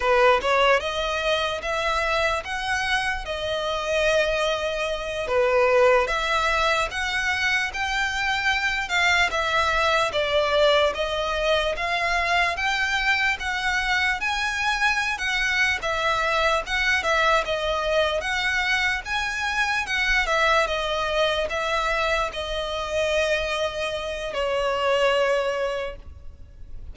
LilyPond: \new Staff \with { instrumentName = "violin" } { \time 4/4 \tempo 4 = 74 b'8 cis''8 dis''4 e''4 fis''4 | dis''2~ dis''8 b'4 e''8~ | e''8 fis''4 g''4. f''8 e''8~ | e''8 d''4 dis''4 f''4 g''8~ |
g''8 fis''4 gis''4~ gis''16 fis''8. e''8~ | e''8 fis''8 e''8 dis''4 fis''4 gis''8~ | gis''8 fis''8 e''8 dis''4 e''4 dis''8~ | dis''2 cis''2 | }